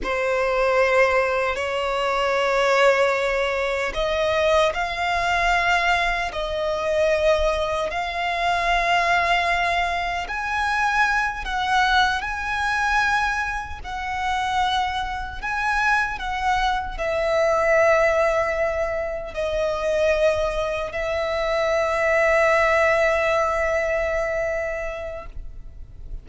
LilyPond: \new Staff \with { instrumentName = "violin" } { \time 4/4 \tempo 4 = 76 c''2 cis''2~ | cis''4 dis''4 f''2 | dis''2 f''2~ | f''4 gis''4. fis''4 gis''8~ |
gis''4. fis''2 gis''8~ | gis''8 fis''4 e''2~ e''8~ | e''8 dis''2 e''4.~ | e''1 | }